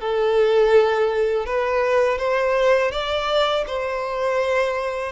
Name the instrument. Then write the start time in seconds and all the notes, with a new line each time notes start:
violin
0.00 A4
1.46 B4
2.18 C5
2.91 D5
3.67 C5